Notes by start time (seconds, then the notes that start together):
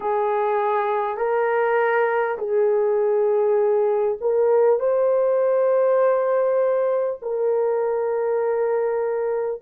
0.00 G#4
1.17 A#4
2.38 G#4
4.21 A#4
4.79 C5
7.22 A#4